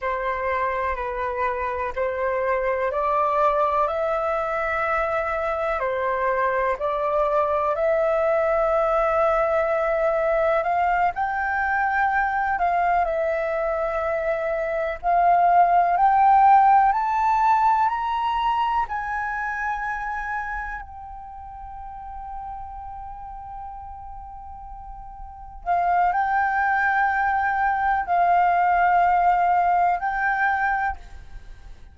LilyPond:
\new Staff \with { instrumentName = "flute" } { \time 4/4 \tempo 4 = 62 c''4 b'4 c''4 d''4 | e''2 c''4 d''4 | e''2. f''8 g''8~ | g''4 f''8 e''2 f''8~ |
f''8 g''4 a''4 ais''4 gis''8~ | gis''4. g''2~ g''8~ | g''2~ g''8 f''8 g''4~ | g''4 f''2 g''4 | }